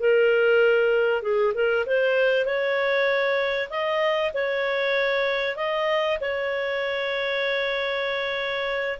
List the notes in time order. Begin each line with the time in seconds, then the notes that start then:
0.00 A#4
1.22 G#4
1.54 A#4
1.86 C5
2.45 C#5
3.70 D#5
4.34 C#5
5.56 D#5
6.21 C#5